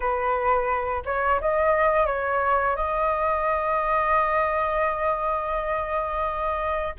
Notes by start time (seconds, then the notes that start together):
0.00 B4
1.05 C#5
1.40 D#5
2.06 C#5
2.76 D#5